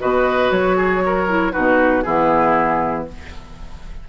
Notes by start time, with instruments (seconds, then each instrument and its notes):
0.00 bassoon B2, clarinet F#4, oboe B4, flute D#5
0.52 bassoon F#3, flute C#5
0.77 oboe G#4
1.07 oboe A#4
1.29 clarinet E4
1.52 bassoon B2, clarinet D#4, oboe F#4, flute B4
2.03 bassoon E3, clarinet B3, oboe E4, flute G#4